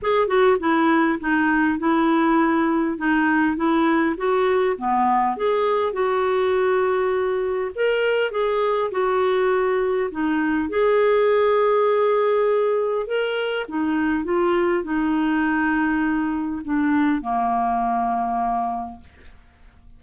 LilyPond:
\new Staff \with { instrumentName = "clarinet" } { \time 4/4 \tempo 4 = 101 gis'8 fis'8 e'4 dis'4 e'4~ | e'4 dis'4 e'4 fis'4 | b4 gis'4 fis'2~ | fis'4 ais'4 gis'4 fis'4~ |
fis'4 dis'4 gis'2~ | gis'2 ais'4 dis'4 | f'4 dis'2. | d'4 ais2. | }